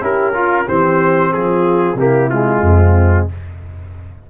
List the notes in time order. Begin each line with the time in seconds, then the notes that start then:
0.00 C#4 E4 G4 A#4
0.33 F4
0.66 E3 C4 G4 C5
1.33 F3 F4 G#4
1.94 C3 A#3 E4 G4
2.29 G#3 F4
2.60 F2 C4